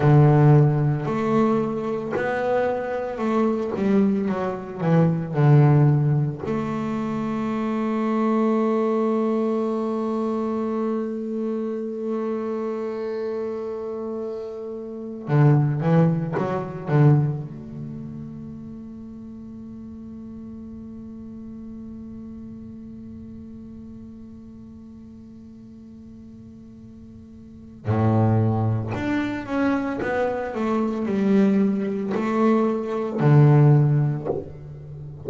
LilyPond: \new Staff \with { instrumentName = "double bass" } { \time 4/4 \tempo 4 = 56 d4 a4 b4 a8 g8 | fis8 e8 d4 a2~ | a1~ | a2~ a16 d8 e8 fis8 d16~ |
d16 a2.~ a8.~ | a1~ | a2 a,4 d'8 cis'8 | b8 a8 g4 a4 d4 | }